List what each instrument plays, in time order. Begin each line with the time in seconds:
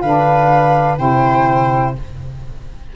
0.00 tuba D3, saxophone D4, viola B4, flute F5
0.98 tuba C3, saxophone E4, viola C5, flute G5